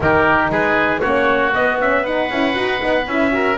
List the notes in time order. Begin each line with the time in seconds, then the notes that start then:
0.00 D#3 D#4 G4 A#4
0.49 G#3 G#4 B4
1.01 A#3 C#4 F#4 C#5
1.54 B3 D#5
1.80 C#4 E5
2.02 D#4 B4 F#5
2.30 C#4 E4
2.53 D#4 F#4
2.80 B3 D#4
3.07 C#4 E4 E5
3.31 F#4 A#4